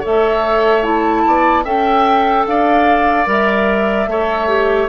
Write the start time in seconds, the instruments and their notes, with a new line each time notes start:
0.00 bassoon A3, clarinet A4, oboe C#5, flute E5
0.83 clarinet E4, flute A5
1.27 bassoon B3, oboe D5
1.65 bassoon C#4, clarinet A4, oboe E5, flute G5
2.46 bassoon D4, oboe D5, flute F5
3.26 bassoon G3, clarinet A#4, flute E5
4.07 bassoon A3, clarinet A4, oboe C#5
4.48 clarinet G4